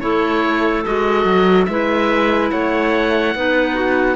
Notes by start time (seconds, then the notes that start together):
0.00 A3 E4 A4 C#5
0.85 G#3 F#4 D#5
1.25 F#3
1.65 G#3 E4 B4 E5
2.51 A3 C#5 F#5
3.35 B3 D#4 B4
3.75 F#4